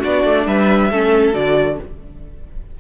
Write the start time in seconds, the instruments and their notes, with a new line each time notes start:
0.00 cello B3, viola D4, violin F#4 D5
0.25 cello A3
0.47 cello G3, violin B4 E5
0.91 cello A3, viola C#4, violin A4
1.34 cello D3, viola F#4, violin D5